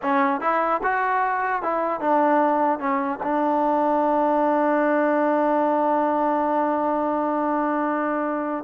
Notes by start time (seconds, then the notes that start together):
0.02 C#4
0.40 E4
0.83 F#4
1.62 E4
2.00 D4
2.79 C#4
3.23 D4